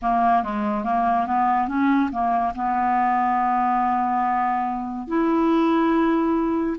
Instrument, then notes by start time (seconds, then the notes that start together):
clarinet
0.02 A#3
0.43 G#3
0.84 A#3
1.26 B3
1.67 C#4
2.11 A#3
2.54 B3
5.07 E4